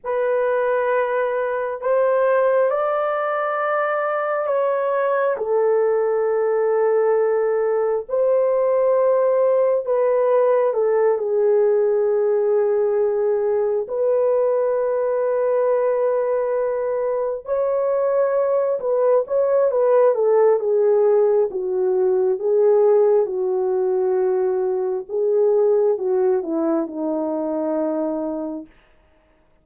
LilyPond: \new Staff \with { instrumentName = "horn" } { \time 4/4 \tempo 4 = 67 b'2 c''4 d''4~ | d''4 cis''4 a'2~ | a'4 c''2 b'4 | a'8 gis'2. b'8~ |
b'2.~ b'8 cis''8~ | cis''4 b'8 cis''8 b'8 a'8 gis'4 | fis'4 gis'4 fis'2 | gis'4 fis'8 e'8 dis'2 | }